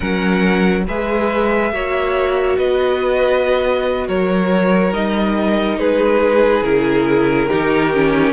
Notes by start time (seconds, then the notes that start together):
0.00 F#3 C#4 A#4 F#5
0.87 G#3 G#4 B4 E5
1.71 A#3 F#4 C#5
2.57 B3 B4 D#5
4.07 F#3 A#4 C#5
4.92 G3 D#4 D#5
5.78 G#3 G#4 B4
6.62 C#3 E4 A#4
7.48 D#3 D#4 G4
7.93 C#4